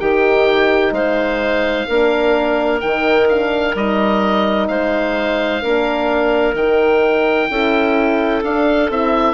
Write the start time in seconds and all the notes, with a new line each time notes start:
0.00 D#3 D#4 G4 G5
0.92 G#3 C5 F5
1.88 A#3 D4 A#4
2.81 D#3 D#4 G5
3.29 D4 F5
3.75 G3 D#4 D#5
4.68 G#3 C5 F5
5.62 A#3 D4 A#4
6.54 D#3 D#4 G5
7.50 C#4 E4 A4
8.43 D4 F5
8.90 C4 E4 E5